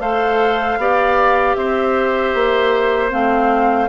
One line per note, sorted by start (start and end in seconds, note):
0.00 0.78 A3
0.00 0.79 A4
0.00 0.79 C5
0.00 1.55 F5
0.78 1.56 B3
0.78 3.10 G4
0.78 1.57 D5
1.55 2.34 C4
1.55 3.89 C5
1.55 3.11 E5
2.34 3.12 A#3
3.10 3.89 A3
3.10 3.88 C4
3.10 3.89 F5